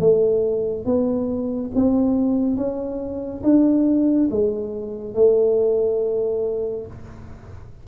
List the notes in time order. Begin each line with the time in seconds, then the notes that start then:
0.00 A3
0.86 B3
1.75 C4
2.57 C#4
3.44 D4
4.31 G#3
5.15 A3